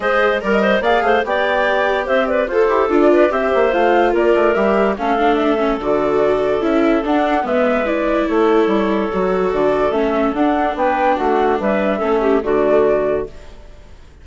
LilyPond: <<
  \new Staff \with { instrumentName = "flute" } { \time 4/4 \tempo 4 = 145 dis''4 d''16 dis''8. f''4 g''4~ | g''4 e''8 d''8 c''4 d''4 | e''4 f''4 d''4 e''4 | f''4 e''4 d''2 |
e''4 fis''4 e''4 d''4 | cis''2. d''4 | e''4 fis''4 g''4 fis''4 | e''2 d''2 | }
  \new Staff \with { instrumentName = "clarinet" } { \time 4/4 c''4 ais'8 c''8 d''8 c''8 d''4~ | d''4 c''8 b'8 a'4. b'8 | c''2 ais'2 | a'1~ |
a'2 b'2 | a'1~ | a'2 b'4 fis'4 | b'4 a'8 g'8 fis'2 | }
  \new Staff \with { instrumentName = "viola" } { \time 4/4 gis'4 ais'4 gis'4 g'4~ | g'2 a'8 g'8 f'4 | g'4 f'2 g'4 | cis'8 d'4 cis'8 fis'2 |
e'4 d'4 b4 e'4~ | e'2 fis'2 | cis'4 d'2.~ | d'4 cis'4 a2 | }
  \new Staff \with { instrumentName = "bassoon" } { \time 4/4 gis4 g4 ais8 a8 b4~ | b4 c'4 f'8 e'8 d'4 | c'8 ais8 a4 ais8 a8 g4 | a2 d2 |
cis'4 d'4 gis2 | a4 g4 fis4 d4 | a4 d'4 b4 a4 | g4 a4 d2 | }
>>